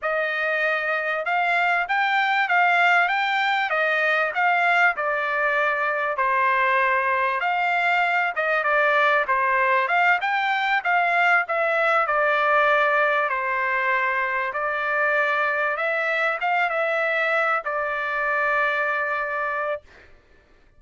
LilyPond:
\new Staff \with { instrumentName = "trumpet" } { \time 4/4 \tempo 4 = 97 dis''2 f''4 g''4 | f''4 g''4 dis''4 f''4 | d''2 c''2 | f''4. dis''8 d''4 c''4 |
f''8 g''4 f''4 e''4 d''8~ | d''4. c''2 d''8~ | d''4. e''4 f''8 e''4~ | e''8 d''2.~ d''8 | }